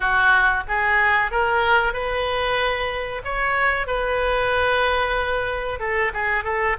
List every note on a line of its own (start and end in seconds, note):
0.00 0.63 F#4
0.68 1.31 G#4
1.31 1.93 A#4
1.93 3.22 B4
3.24 3.86 C#5
3.86 5.79 B4
5.79 6.11 A4
6.13 6.43 G#4
6.43 6.76 A4